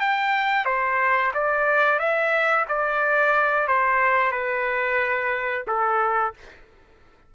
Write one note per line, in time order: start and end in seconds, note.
0.00 0.65 G5
0.65 1.32 C5
1.34 1.99 D5
1.99 2.65 E5
2.68 3.68 D5
3.68 4.32 C5
4.32 5.65 B4
5.67 6.34 A4